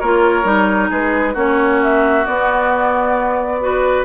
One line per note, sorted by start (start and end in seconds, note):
0.00 0.45 A#3
0.00 0.44 F4
0.00 0.90 A#4
0.00 0.90 C#5
0.44 0.90 G3
0.44 1.34 D#4
0.90 1.36 G#3
0.90 1.34 G#4
0.90 1.37 B4
1.34 2.26 A#3
1.34 2.26 C#4
1.34 3.59 F#4
1.34 1.83 C#5
1.83 2.26 E5
2.26 3.61 B3
2.26 4.05 B3
2.26 4.05 D5
3.61 4.05 F#4
3.61 4.05 B4